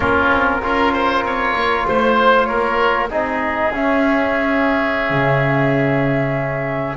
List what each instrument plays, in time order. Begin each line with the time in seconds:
0.00 double bass A#3, trombone C#4, oboe F4, flute A#4
0.32 double bass C4
0.61 double bass C#4, trombone F4, oboe A#4
0.93 oboe C5
1.22 double bass C4, oboe C#5
1.55 double bass A#3
1.87 double bass A3, flute C5, oboe C5
2.45 double bass A#3, oboe A#4, flute C#5
3.10 double bass C4, trombone D#4, oboe G#4, flute D#5
3.72 double bass C#4, trombone C#4, flute E5
5.10 double bass C#3